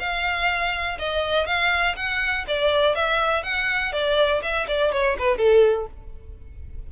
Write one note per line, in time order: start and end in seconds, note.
0.00 0.98 F5
0.99 1.46 D#5
1.46 1.96 F5
1.96 2.45 F#5
2.48 2.95 D5
2.95 3.43 E5
3.43 3.93 F#5
3.93 4.42 D5
4.42 4.67 E5
4.68 4.92 D5
4.92 5.17 C#5
5.18 5.38 B4
5.38 5.87 A4